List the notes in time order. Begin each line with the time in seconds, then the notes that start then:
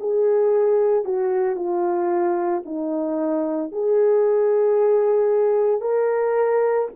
0.00 G#4
1.05 F#4
1.56 F4
2.65 D#4
3.72 G#4
5.81 A#4